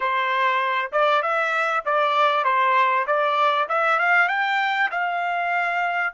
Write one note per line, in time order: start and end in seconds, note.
0.00 0.91 C5
0.92 1.22 D5
1.22 1.83 E5
1.85 2.44 D5
2.44 3.05 C5
3.06 3.67 D5
3.68 3.99 E5
3.99 4.28 F5
4.28 4.89 G5
4.91 6.13 F5